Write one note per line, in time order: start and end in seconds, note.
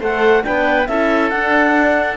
0.00 0.44 A3
0.00 0.44 A4
0.00 0.43 C5
0.00 0.44 F#5
0.44 0.89 B3
0.44 0.87 D4
0.44 0.89 B4
0.44 0.88 G5
0.88 1.32 C#4
0.88 1.32 E4
0.88 2.18 A4
0.88 1.30 E5
1.30 2.18 D4
1.30 2.17 F#5